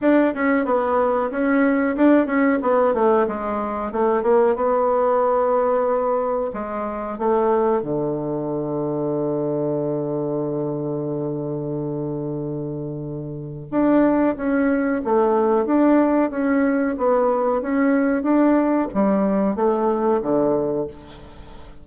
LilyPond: \new Staff \with { instrumentName = "bassoon" } { \time 4/4 \tempo 4 = 92 d'8 cis'8 b4 cis'4 d'8 cis'8 | b8 a8 gis4 a8 ais8 b4~ | b2 gis4 a4 | d1~ |
d1~ | d4 d'4 cis'4 a4 | d'4 cis'4 b4 cis'4 | d'4 g4 a4 d4 | }